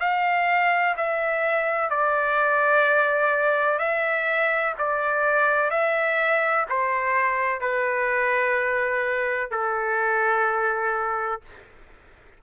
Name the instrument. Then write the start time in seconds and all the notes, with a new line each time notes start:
trumpet
0.00 F5
0.97 E5
1.90 D5
3.79 E5
4.78 D5
5.71 E5
6.69 C5
7.61 B4
9.51 A4